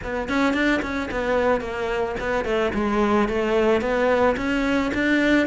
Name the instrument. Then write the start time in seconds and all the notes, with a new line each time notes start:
cello
0.03 B3
0.29 C#4
0.53 D4
0.82 C#4
1.11 B3
1.60 A#3
2.20 B3
2.44 A3
2.74 G#3
3.28 A3
3.81 B3
4.37 C#4
4.94 D4